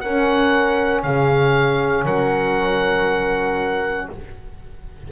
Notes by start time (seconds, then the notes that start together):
0.00 C#4 A#4 F#5
1.03 C#3 G#4 F5
2.04 F#3 A#4 F#5